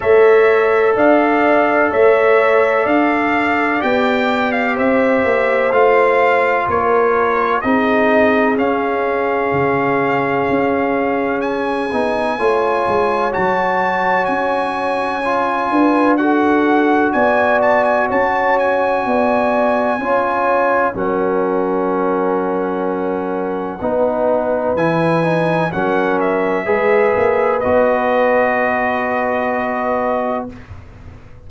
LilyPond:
<<
  \new Staff \with { instrumentName = "trumpet" } { \time 4/4 \tempo 4 = 63 e''4 f''4 e''4 f''4 | g''8. f''16 e''4 f''4 cis''4 | dis''4 f''2. | gis''2 a''4 gis''4~ |
gis''4 fis''4 gis''8 a''16 gis''16 a''8 gis''8~ | gis''2 fis''2~ | fis''2 gis''4 fis''8 e''8~ | e''4 dis''2. | }
  \new Staff \with { instrumentName = "horn" } { \time 4/4 cis''4 d''4 cis''4 d''4~ | d''4 c''2 ais'4 | gis'1~ | gis'4 cis''2.~ |
cis''8 b'8 a'4 d''4 cis''4 | d''4 cis''4 ais'2~ | ais'4 b'2 ais'4 | b'1 | }
  \new Staff \with { instrumentName = "trombone" } { \time 4/4 a'1 | g'2 f'2 | dis'4 cis'2.~ | cis'8 dis'8 f'4 fis'2 |
f'4 fis'2.~ | fis'4 f'4 cis'2~ | cis'4 dis'4 e'8 dis'8 cis'4 | gis'4 fis'2. | }
  \new Staff \with { instrumentName = "tuba" } { \time 4/4 a4 d'4 a4 d'4 | b4 c'8 ais8 a4 ais4 | c'4 cis'4 cis4 cis'4~ | cis'8 b8 a8 gis8 fis4 cis'4~ |
cis'8 d'4. b4 cis'4 | b4 cis'4 fis2~ | fis4 b4 e4 fis4 | gis8 ais8 b2. | }
>>